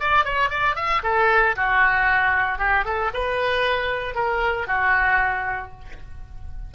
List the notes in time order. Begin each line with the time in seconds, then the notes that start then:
0.00 D5
0.25 C#5
0.50 D5
0.76 E5
1.03 A4
1.56 F#4
2.59 G4
2.85 A4
3.14 B4
4.15 A#4
4.67 F#4